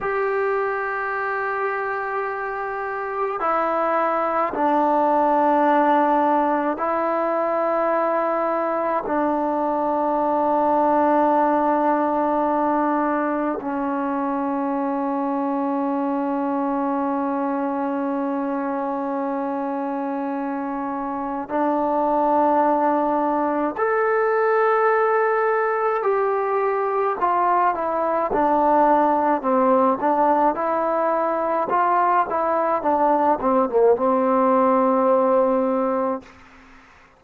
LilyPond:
\new Staff \with { instrumentName = "trombone" } { \time 4/4 \tempo 4 = 53 g'2. e'4 | d'2 e'2 | d'1 | cis'1~ |
cis'2. d'4~ | d'4 a'2 g'4 | f'8 e'8 d'4 c'8 d'8 e'4 | f'8 e'8 d'8 c'16 ais16 c'2 | }